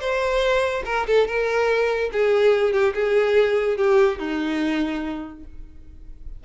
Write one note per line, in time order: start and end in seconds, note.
0.00 0.83 C5
0.85 1.06 A#4
1.07 1.27 A4
1.27 2.11 A#4
2.12 2.73 G#4
2.73 2.94 G4
2.95 3.77 G#4
3.77 4.19 G4
4.19 5.44 D#4